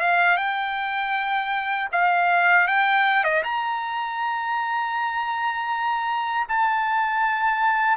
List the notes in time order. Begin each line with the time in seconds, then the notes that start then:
0.00 F5
0.36 G5
1.92 F5
2.67 G5
3.23 D#5
3.43 A#5
6.48 A5